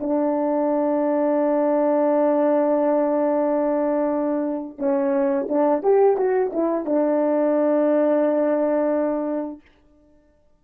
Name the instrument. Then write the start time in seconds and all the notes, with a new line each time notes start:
horn
0.00 D4
4.78 C#4
5.49 D4
5.83 G4
6.17 F#4
6.53 E4
6.86 D4